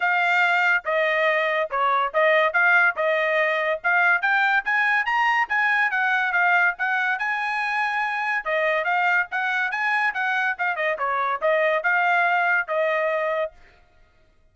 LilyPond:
\new Staff \with { instrumentName = "trumpet" } { \time 4/4 \tempo 4 = 142 f''2 dis''2 | cis''4 dis''4 f''4 dis''4~ | dis''4 f''4 g''4 gis''4 | ais''4 gis''4 fis''4 f''4 |
fis''4 gis''2. | dis''4 f''4 fis''4 gis''4 | fis''4 f''8 dis''8 cis''4 dis''4 | f''2 dis''2 | }